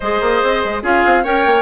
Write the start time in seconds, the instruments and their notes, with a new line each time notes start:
0.00 bassoon G#3, clarinet G#4, oboe C5, flute D#5
0.20 bassoon A#3
0.42 bassoon C4
0.64 bassoon G#3
0.82 bassoon C#4, clarinet F4, oboe G#4, flute F5
1.05 bassoon C4
1.23 bassoon C#4, clarinet A#4, oboe C#5, flute G5
1.46 bassoon A#3